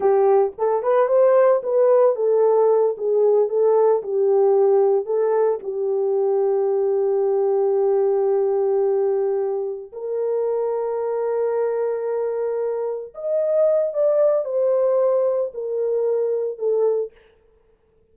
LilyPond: \new Staff \with { instrumentName = "horn" } { \time 4/4 \tempo 4 = 112 g'4 a'8 b'8 c''4 b'4 | a'4. gis'4 a'4 g'8~ | g'4. a'4 g'4.~ | g'1~ |
g'2~ g'8 ais'4.~ | ais'1~ | ais'8 dis''4. d''4 c''4~ | c''4 ais'2 a'4 | }